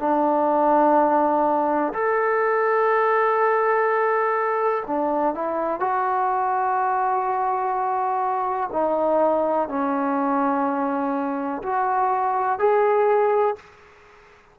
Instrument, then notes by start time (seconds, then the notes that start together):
trombone
0.00 D4
1.94 A4
4.87 D4
5.35 E4
5.80 F#4
8.73 D#4
9.69 C#4
11.63 F#4
12.59 G#4